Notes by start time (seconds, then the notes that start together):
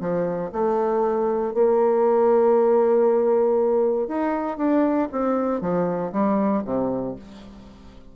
0.00 F3
0.52 A3
1.54 A#3
4.08 D#4
4.57 D4
5.12 C4
5.61 F3
6.12 G3
6.64 C3